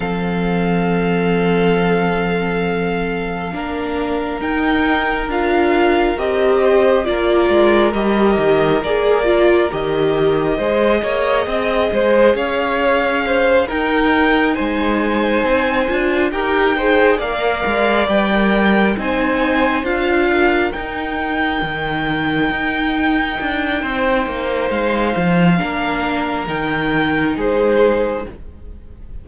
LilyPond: <<
  \new Staff \with { instrumentName = "violin" } { \time 4/4 \tempo 4 = 68 f''1~ | f''4 g''4 f''4 dis''4 | d''4 dis''4 d''4 dis''4~ | dis''2 f''4. g''8~ |
g''8 gis''2 g''4 f''8~ | f''8 g''4 gis''4 f''4 g''8~ | g''1 | f''2 g''4 c''4 | }
  \new Staff \with { instrumentName = "violin" } { \time 4/4 a'1 | ais'2.~ ais'8 c''8 | ais'1 | c''8 cis''8 dis''8 c''8 cis''4 c''8 ais'8~ |
ais'8 c''2 ais'8 c''8 d''8~ | d''4. c''4. ais'4~ | ais'2. c''4~ | c''4 ais'2 gis'4 | }
  \new Staff \with { instrumentName = "viola" } { \time 4/4 c'1 | d'4 dis'4 f'4 g'4 | f'4 g'4 gis'8 f'8 g'4 | gis'2.~ gis'8 dis'8~ |
dis'2 f'8 g'8 gis'8 ais'8~ | ais'8 b'16 ais'8. dis'4 f'4 dis'8~ | dis'1~ | dis'4 d'4 dis'2 | }
  \new Staff \with { instrumentName = "cello" } { \time 4/4 f1 | ais4 dis'4 d'4 c'4 | ais8 gis8 g8 dis8 ais4 dis4 | gis8 ais8 c'8 gis8 cis'4. dis'8~ |
dis'8 gis4 c'8 d'8 dis'4 ais8 | gis8 g4 c'4 d'4 dis'8~ | dis'8 dis4 dis'4 d'8 c'8 ais8 | gis8 f8 ais4 dis4 gis4 | }
>>